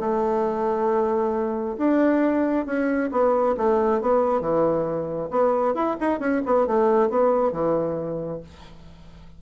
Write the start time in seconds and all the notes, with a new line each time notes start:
0.00 A3
1.78 D4
2.66 C#4
3.11 B3
3.57 A3
4.01 B3
4.41 E3
5.30 B3
5.74 E4
6.00 D#4
6.19 C#4
6.45 B3
6.67 A3
7.10 B3
7.52 E3